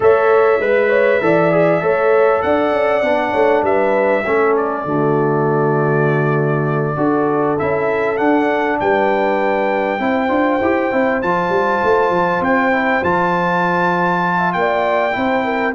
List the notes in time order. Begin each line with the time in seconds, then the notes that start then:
0.00 A3 A4 C#5 E5
0.59 G#3 B4
0.88 C#5
1.21 E3 A4 D5
1.51 G#4
1.80 A3 A4 C#5
2.42 D4 D5 F#5
2.71 C#4
3.02 B3 D4
3.30 A3 C#5
3.62 G3 B4 E5
4.25 A3 C#4 A4
4.56 D5
4.85 D3 A3 F#4
6.96 D4 F#4 A4
7.58 C#4 E4 E5
8.16 D4 F#5
8.80 G3 B4 G5
9.98 C4 E4 C5
10.28 D4 F4
10.60 E4 G4
10.91 C4 E4
11.21 F3 F4 A5
11.49 G3
11.83 A3
12.09 F3
12.40 C4 G5
12.71 E4
13.03 F3 F4 A5
14.37 E5
14.52 A#3 D5 G5
15.11 C4 E4 C5
15.44 A#4